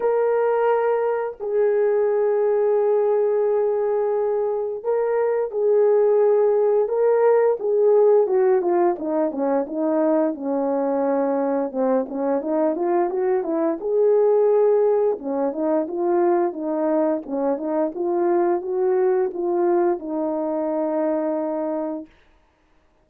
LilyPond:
\new Staff \with { instrumentName = "horn" } { \time 4/4 \tempo 4 = 87 ais'2 gis'2~ | gis'2. ais'4 | gis'2 ais'4 gis'4 | fis'8 f'8 dis'8 cis'8 dis'4 cis'4~ |
cis'4 c'8 cis'8 dis'8 f'8 fis'8 e'8 | gis'2 cis'8 dis'8 f'4 | dis'4 cis'8 dis'8 f'4 fis'4 | f'4 dis'2. | }